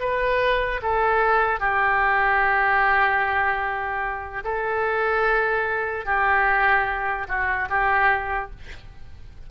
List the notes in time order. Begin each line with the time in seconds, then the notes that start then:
0.00 B4
0.82 A4
1.60 G4
4.44 A4
6.06 G4
7.28 F#4
7.70 G4